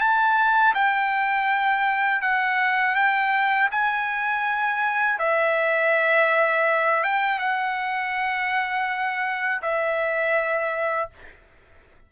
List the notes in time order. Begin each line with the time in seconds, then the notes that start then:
0.00 A5
0.74 G5
2.22 F#5
2.95 G5
3.71 G#5
5.19 E5
7.04 G5
7.39 F#5
9.62 E5